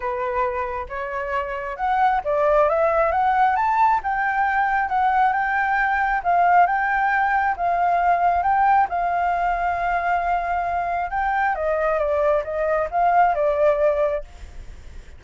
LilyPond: \new Staff \with { instrumentName = "flute" } { \time 4/4 \tempo 4 = 135 b'2 cis''2 | fis''4 d''4 e''4 fis''4 | a''4 g''2 fis''4 | g''2 f''4 g''4~ |
g''4 f''2 g''4 | f''1~ | f''4 g''4 dis''4 d''4 | dis''4 f''4 d''2 | }